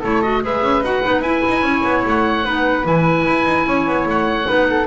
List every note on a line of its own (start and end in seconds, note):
0.00 0.44 A3
0.00 0.23 E4
0.00 0.41 A4
0.00 0.22 C#5
0.22 0.42 F#4
0.22 0.42 D#5
0.42 0.62 G#3
0.42 0.83 G#4
0.42 1.65 B4
0.42 0.84 E5
0.62 0.81 C#4
0.81 1.01 D#4
0.81 1.03 F#4
0.81 1.22 F#5
1.03 1.21 B3
1.03 1.23 D#4
1.21 1.41 E4
1.21 2.45 E4
1.21 2.03 G#5
1.48 1.62 D#4
1.62 1.82 C#4
1.62 2.45 C#5
1.84 2.04 B3
2.05 2.45 A3
2.05 2.87 F#5
2.45 2.85 B3
2.45 2.83 D#4
2.45 3.66 B4
2.83 3.26 E3
2.83 4.45 E4
2.83 4.08 G#5
3.27 3.45 E4
3.45 3.65 D#4
3.66 3.87 C#4
3.66 4.47 C#5
3.87 4.06 B3
4.06 4.46 A3
4.06 4.87 F#5
4.46 4.87 B3
4.46 4.86 D#4
4.46 4.67 B4
4.70 4.87 A4